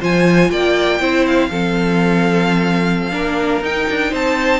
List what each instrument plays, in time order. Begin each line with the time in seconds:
0.00 cello F3, viola F4, violin C5 G#5
0.49 cello A#3, violin D5 G5
0.99 cello C4, viola E4, violin C5
1.26 violin F5
1.50 cello F3, viola C4, violin A4
3.11 cello A#3, viola D4, violin A#4
3.61 cello D#4, viola D#4, violin G5
3.89 cello D4
4.10 cello C4, violin C5 A5